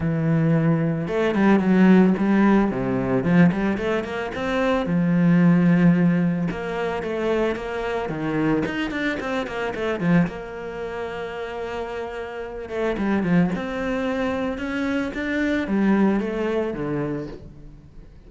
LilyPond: \new Staff \with { instrumentName = "cello" } { \time 4/4 \tempo 4 = 111 e2 a8 g8 fis4 | g4 c4 f8 g8 a8 ais8 | c'4 f2. | ais4 a4 ais4 dis4 |
dis'8 d'8 c'8 ais8 a8 f8 ais4~ | ais2.~ ais8 a8 | g8 f8 c'2 cis'4 | d'4 g4 a4 d4 | }